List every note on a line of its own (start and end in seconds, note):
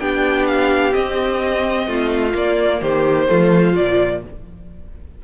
0.00 0.94 B3
0.00 0.92 D4
0.00 1.87 G4
0.00 0.47 G5
0.47 0.94 F5
0.92 2.32 C4
0.92 1.87 C4
0.92 2.34 D#5
1.87 2.34 A3
1.87 2.81 F4
2.33 3.26 A#3
2.33 2.82 A#3
2.33 2.82 D5
2.81 3.29 D#3
2.81 3.28 G4
2.81 3.76 C5
3.28 3.77 F3
3.28 3.73 A3
3.28 4.23 F4
3.73 4.24 A#2
3.73 4.20 F3
3.73 4.22 D5